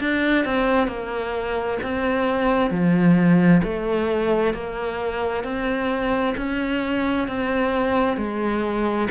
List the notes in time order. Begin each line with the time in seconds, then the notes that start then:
0.00 D4
0.45 C4
0.87 A#3
1.82 C4
2.70 F3
3.63 A3
4.53 A#3
5.43 C4
6.36 C#4
7.27 C4
8.17 G#3